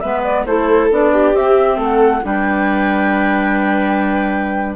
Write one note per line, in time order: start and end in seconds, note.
0.00 0.45 G#3
0.00 0.47 B3
0.00 0.46 B4
0.00 0.22 E5
0.23 0.45 D5
0.45 0.89 A3
0.45 0.91 E4
0.45 1.12 A4
0.45 0.89 C5
0.91 1.33 B3
0.91 1.33 D4
0.91 1.36 D5
1.12 1.76 G4
1.33 2.21 C4
1.33 1.77 C4
1.33 1.80 E5
1.76 2.22 A3
1.76 2.20 A4
1.76 2.25 F#5
2.22 4.75 G3
2.22 4.75 D4
2.22 4.75 B4
2.22 4.75 G5